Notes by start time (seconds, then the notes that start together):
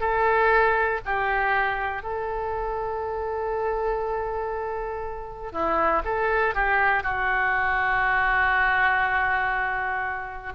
0.00 A4
1.05 G4
2.02 A4
5.52 E4
6.05 A4
6.54 G4
7.03 F#4